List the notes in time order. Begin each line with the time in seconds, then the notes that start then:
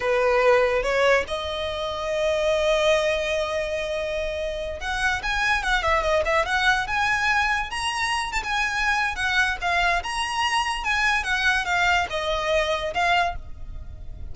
0.00 B4
0.82 C#5
1.27 D#5
4.80 F#5
5.22 G#5
5.62 F#5
5.83 E5
6.02 D#5
6.25 E5
6.45 F#5
6.87 G#5
7.70 A#5
8.32 A5
8.43 G#5
9.15 F#5
9.61 F5
10.03 A#5
10.84 G#5
11.23 F#5
11.65 F5
12.10 D#5
12.94 F5